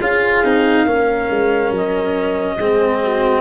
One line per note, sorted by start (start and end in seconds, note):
0.00 0.43 C#4
0.00 0.45 F4
0.00 0.86 G#4
0.00 1.73 F5
0.45 0.86 C4
0.45 0.88 D#4
0.86 1.29 A#3
0.86 2.59 C#4
0.86 2.57 A#4
1.31 1.71 G#3
1.71 2.57 F#3
1.71 3.41 D#5
2.57 3.41 G#3
2.57 3.41 C4
2.57 3.00 G#4
3.04 3.41 F#4